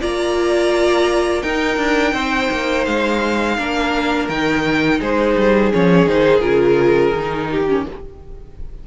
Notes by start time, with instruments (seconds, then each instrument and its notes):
0.00 cello A#3, viola F4, violin D5 A#5
1.42 cello D#4, viola D#4, violin A#4 G5
1.77 cello D4
2.13 cello C4, violin C5
2.51 cello A#3
2.86 cello G#3, violin F5
3.58 cello A#3, viola D4, violin A#4
4.29 cello D#3, viola D#4, violin G5
4.99 cello G#3, violin G#4 C5
5.37 cello G3
5.72 cello F3, viola C#4, violin C#5
6.06 cello D#3, viola D#4, violin C5
6.40 cello C#3, viola F4, violin A#4
7.14 cello D#3, viola D#4
7.51 violin G4
7.68 viola C#4